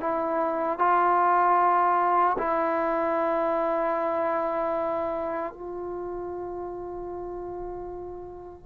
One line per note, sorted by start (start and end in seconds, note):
0.00 0.79 E4
0.79 2.36 F4
2.38 5.53 E4
5.53 8.66 F4